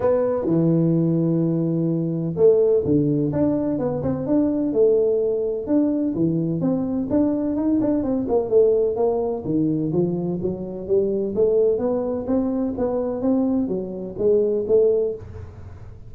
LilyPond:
\new Staff \with { instrumentName = "tuba" } { \time 4/4 \tempo 4 = 127 b4 e2.~ | e4 a4 d4 d'4 | b8 c'8 d'4 a2 | d'4 e4 c'4 d'4 |
dis'8 d'8 c'8 ais8 a4 ais4 | dis4 f4 fis4 g4 | a4 b4 c'4 b4 | c'4 fis4 gis4 a4 | }